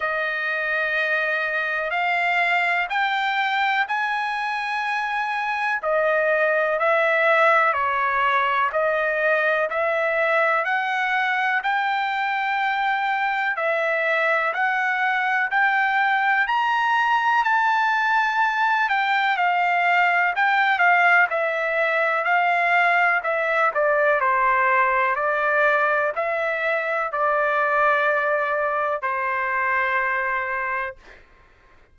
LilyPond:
\new Staff \with { instrumentName = "trumpet" } { \time 4/4 \tempo 4 = 62 dis''2 f''4 g''4 | gis''2 dis''4 e''4 | cis''4 dis''4 e''4 fis''4 | g''2 e''4 fis''4 |
g''4 ais''4 a''4. g''8 | f''4 g''8 f''8 e''4 f''4 | e''8 d''8 c''4 d''4 e''4 | d''2 c''2 | }